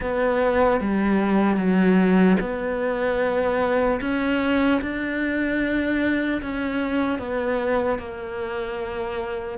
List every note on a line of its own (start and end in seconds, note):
0.00 0.80 B3
0.80 1.56 G3
1.56 2.36 F#3
2.40 4.00 B3
4.00 4.80 C#4
4.81 6.41 D4
6.41 7.19 C#4
7.19 7.99 B3
7.99 9.58 A#3